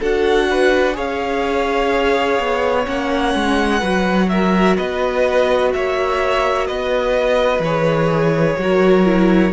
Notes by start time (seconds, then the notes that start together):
0.00 D4 F#4 A4 F#5
0.51 B4
0.94 C#4 G#4 C#5 F5
2.39 B3
2.85 A#3 C#4 F#5
3.35 G#3
3.80 F#3 F#4 B4
4.30 A#4 E5
4.77 B3 B4 D#5
5.73 A#3 C#5 E5
6.67 B3 B4 D#5
7.60 E3 G#4 C#5
8.59 F#3 F#4 A#4
9.06 E4